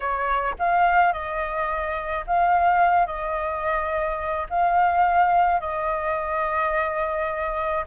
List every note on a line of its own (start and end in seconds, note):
0.00 0.54 C#5
0.58 1.12 F5
1.12 2.25 D#5
2.26 3.06 F5
3.06 4.46 D#5
4.49 5.60 F5
5.60 7.84 D#5